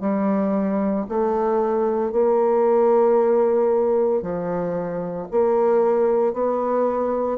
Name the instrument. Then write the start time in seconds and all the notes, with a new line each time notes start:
bassoon
0.00 G3
1.09 A3
2.12 A#3
4.22 F3
5.31 A#3
6.33 B3